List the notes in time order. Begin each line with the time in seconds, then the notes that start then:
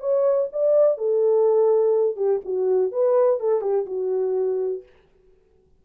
0.00 C#5
0.53 D5
0.98 A4
2.16 G4
2.45 F#4
2.92 B4
3.40 A4
3.62 G4
3.86 F#4